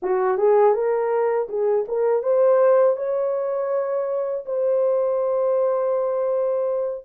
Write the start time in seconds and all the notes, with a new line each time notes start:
0.02 F#4
0.37 G#4
0.73 A#4
1.48 G#4
1.88 A#4
2.22 C5
2.96 C#5
4.45 C5